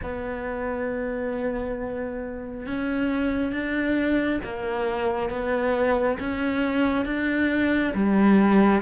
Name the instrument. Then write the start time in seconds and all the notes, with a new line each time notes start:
cello
0.02 B3
2.66 C#4
3.52 D4
4.44 A#3
5.29 B3
6.19 C#4
7.05 D4
7.94 G3